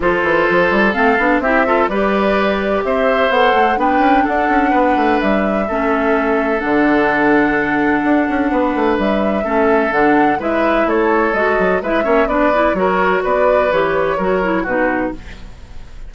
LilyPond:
<<
  \new Staff \with { instrumentName = "flute" } { \time 4/4 \tempo 4 = 127 c''2 f''4 e''4 | d''2 e''4 fis''4 | g''4 fis''2 e''4~ | e''2 fis''2~ |
fis''2. e''4~ | e''4 fis''4 e''4 cis''4 | dis''4 e''4 d''4 cis''4 | d''4 cis''2 b'4 | }
  \new Staff \with { instrumentName = "oboe" } { \time 4/4 a'2. g'8 a'8 | b'2 c''2 | b'4 a'4 b'2 | a'1~ |
a'2 b'2 | a'2 b'4 a'4~ | a'4 b'8 cis''8 b'4 ais'4 | b'2 ais'4 fis'4 | }
  \new Staff \with { instrumentName = "clarinet" } { \time 4/4 f'2 c'8 d'8 e'8 f'8 | g'2. a'4 | d'1 | cis'2 d'2~ |
d'1 | cis'4 d'4 e'2 | fis'4 e'8 cis'8 d'8 e'8 fis'4~ | fis'4 g'4 fis'8 e'8 dis'4 | }
  \new Staff \with { instrumentName = "bassoon" } { \time 4/4 f8 e8 f8 g8 a8 b8 c'4 | g2 c'4 b8 a8 | b8 cis'8 d'8 cis'8 b8 a8 g4 | a2 d2~ |
d4 d'8 cis'8 b8 a8 g4 | a4 d4 gis4 a4 | gis8 fis8 gis8 ais8 b4 fis4 | b4 e4 fis4 b,4 | }
>>